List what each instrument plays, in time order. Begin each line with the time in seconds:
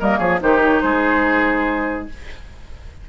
0.00 bassoon G3, clarinet A#3, oboe A#4, flute D#5
0.19 bassoon F3, oboe G#4, flute C#5
0.41 bassoon D#3, clarinet D#4, oboe G4, flute C5
0.64 flute C#5
0.81 bassoon G#3, oboe G#4, flute C5